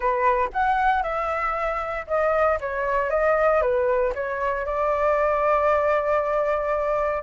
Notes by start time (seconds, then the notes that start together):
0.00 B4
0.52 F#5
1.02 E5
2.07 D#5
2.60 C#5
3.10 D#5
3.61 B4
4.14 C#5
4.65 D5